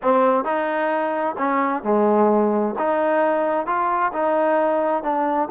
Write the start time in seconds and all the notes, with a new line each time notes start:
0.02 C4
0.44 D#4
1.37 C#4
1.83 G#3
2.78 D#4
3.66 F4
4.12 D#4
5.03 D4